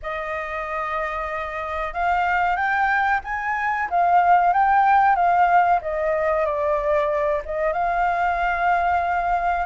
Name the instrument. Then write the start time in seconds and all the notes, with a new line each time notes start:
flute
0.02 D#5
1.93 F5
2.55 G5
3.24 G#5
3.90 F5
4.53 G5
5.15 F5
5.81 D#5
6.45 D5
7.45 D#5
7.72 F5